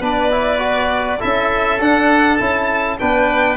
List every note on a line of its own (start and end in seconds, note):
0.00 1.19 B3
0.00 0.31 D4
0.00 1.19 B4
0.00 1.21 D5
0.31 0.59 E4
0.59 1.18 F#4
1.19 1.80 C#4
1.19 1.79 E4
1.19 2.98 A4
1.19 1.81 E5
1.80 2.40 D4
1.80 2.39 D4
1.80 2.37 F#5
2.37 3.00 C#4
2.37 2.99 E4
2.37 2.97 A5
2.99 3.57 B3
2.99 3.57 D4
2.99 3.57 B4
2.99 3.57 G5